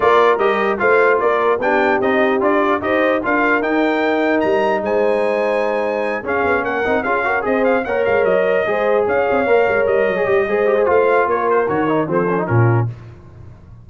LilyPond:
<<
  \new Staff \with { instrumentName = "trumpet" } { \time 4/4 \tempo 4 = 149 d''4 dis''4 f''4 d''4 | g''4 dis''4 d''4 dis''4 | f''4 g''2 ais''4 | gis''2.~ gis''8 f''8~ |
f''8 fis''4 f''4 dis''8 f''8 fis''8 | f''8 dis''2 f''4.~ | f''8 dis''2~ dis''8 f''4 | cis''8 c''8 cis''4 c''4 ais'4 | }
  \new Staff \with { instrumentName = "horn" } { \time 4/4 ais'2 c''4 ais'4 | g'2. c''4 | ais'1 | c''2.~ c''8 gis'8~ |
gis'8 ais'4 gis'8 ais'8 c''4 cis''8~ | cis''4. c''4 cis''4.~ | cis''2 c''2 | ais'2 a'4 f'4 | }
  \new Staff \with { instrumentName = "trombone" } { \time 4/4 f'4 g'4 f'2 | d'4 dis'4 f'4 g'4 | f'4 dis'2.~ | dis'2.~ dis'8 cis'8~ |
cis'4 dis'8 f'8 fis'8 gis'4 ais'8~ | ais'4. gis'2 ais'8~ | ais'4~ ais'16 gis'16 g'8 gis'8 g'16 gis'16 f'4~ | f'4 fis'8 dis'8 c'8 cis'16 dis'16 cis'4 | }
  \new Staff \with { instrumentName = "tuba" } { \time 4/4 ais4 g4 a4 ais4 | b4 c'4 d'4 dis'4 | d'4 dis'2 g4 | gis2.~ gis8 cis'8 |
b8 ais8 c'8 cis'4 c'4 ais8 | gis8 fis4 gis4 cis'8 c'8 ais8 | gis8 g8 fis8 g8 gis4 a4 | ais4 dis4 f4 ais,4 | }
>>